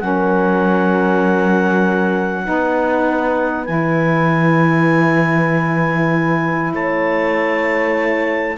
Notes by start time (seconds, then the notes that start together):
0.00 F#3 C#4 A#4 F#5
2.44 B3 D#4 B4
3.66 E3 E4 G#5
6.74 A3 C#5 A5